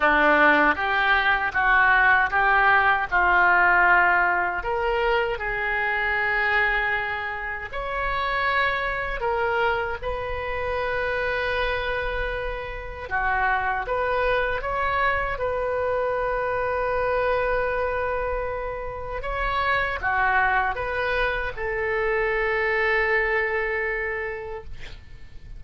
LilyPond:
\new Staff \with { instrumentName = "oboe" } { \time 4/4 \tempo 4 = 78 d'4 g'4 fis'4 g'4 | f'2 ais'4 gis'4~ | gis'2 cis''2 | ais'4 b'2.~ |
b'4 fis'4 b'4 cis''4 | b'1~ | b'4 cis''4 fis'4 b'4 | a'1 | }